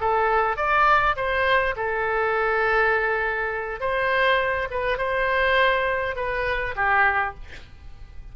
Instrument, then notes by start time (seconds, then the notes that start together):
oboe
0.00 A4
0.56 D5
1.16 C5
1.76 A4
3.80 C5
4.70 B4
4.98 C5
6.16 B4
6.75 G4